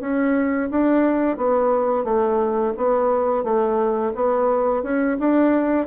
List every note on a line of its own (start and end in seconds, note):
0.00 0.69 C#4
0.70 1.36 D4
1.36 2.04 B3
2.04 2.73 A3
2.76 3.43 B3
3.43 4.12 A3
4.15 4.82 B3
4.82 5.17 C#4
5.19 5.87 D4